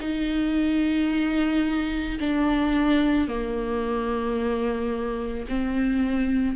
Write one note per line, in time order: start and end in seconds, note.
0.00 2.18 D#4
2.20 3.28 D4
3.28 5.46 A#3
5.48 6.56 C4